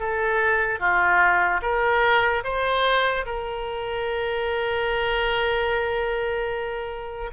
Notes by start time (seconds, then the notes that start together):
0.00 A4
0.80 F4
1.63 A#4
2.44 C5
3.26 A#4